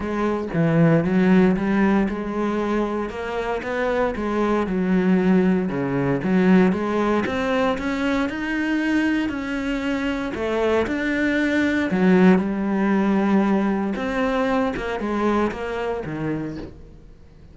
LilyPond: \new Staff \with { instrumentName = "cello" } { \time 4/4 \tempo 4 = 116 gis4 e4 fis4 g4 | gis2 ais4 b4 | gis4 fis2 cis4 | fis4 gis4 c'4 cis'4 |
dis'2 cis'2 | a4 d'2 fis4 | g2. c'4~ | c'8 ais8 gis4 ais4 dis4 | }